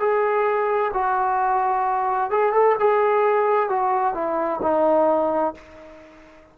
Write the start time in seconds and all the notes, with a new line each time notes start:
0.00 G#4
0.94 F#4
2.31 G#4
2.53 A4
2.80 G#4
3.70 F#4
4.14 E4
4.62 D#4